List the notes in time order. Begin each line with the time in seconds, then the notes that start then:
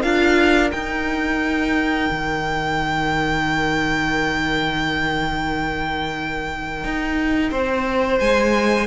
0.00 D4 F4 A#4 F5
0.71 D#4 G5
2.10 D#3
6.85 D#4
7.52 C4 C5
8.20 G#3 G#5